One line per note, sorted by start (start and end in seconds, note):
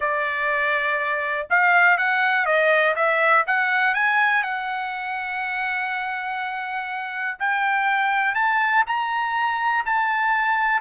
0.00 1.47 D5
1.50 1.97 F5
1.97 2.45 F#5
2.45 2.94 D#5
2.95 3.44 E5
3.46 3.94 F#5
3.94 4.43 G#5
4.43 7.38 F#5
7.39 8.35 G5
8.35 8.84 A5
8.86 9.85 A#5
9.85 10.81 A5